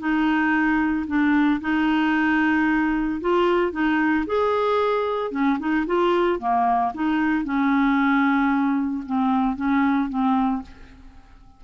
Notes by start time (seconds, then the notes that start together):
0.00 D#4
1.07 D4
1.61 D#4
3.21 F4
3.72 D#4
4.27 G#4
5.31 C#4
5.59 D#4
5.86 F4
6.39 A#3
6.94 D#4
7.45 C#4
9.06 C4
9.56 C#4
10.09 C4